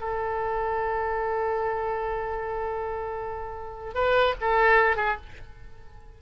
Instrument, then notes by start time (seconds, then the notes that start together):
oboe
0.00 A4
3.95 B4
4.41 A4
4.96 G#4